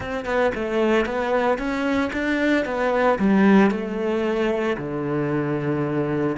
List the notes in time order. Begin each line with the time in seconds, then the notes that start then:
0.00 C4
0.25 B3
0.55 A3
1.05 B3
1.58 C#4
2.12 D4
2.65 B3
3.19 G3
3.70 A3
4.77 D3